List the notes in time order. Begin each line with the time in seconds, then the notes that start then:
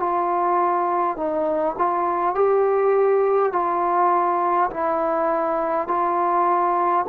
0.00 F4
1.17 D#4
1.78 F4
2.35 G4
3.52 F4
4.71 E4
5.88 F4